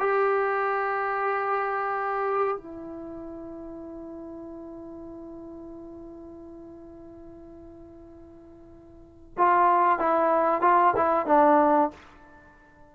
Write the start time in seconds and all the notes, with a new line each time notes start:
0.00 G4
2.57 E4
9.38 F4
9.99 E4
10.62 F4
10.97 E4
11.27 D4